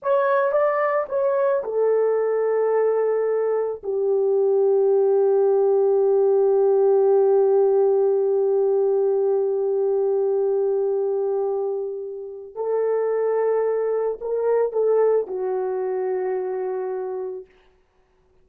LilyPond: \new Staff \with { instrumentName = "horn" } { \time 4/4 \tempo 4 = 110 cis''4 d''4 cis''4 a'4~ | a'2. g'4~ | g'1~ | g'1~ |
g'1~ | g'2. a'4~ | a'2 ais'4 a'4 | fis'1 | }